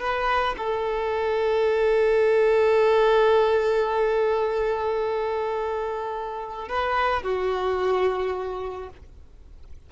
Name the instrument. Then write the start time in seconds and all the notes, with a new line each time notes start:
violin
0.00 B4
0.58 A4
6.69 B4
7.23 F#4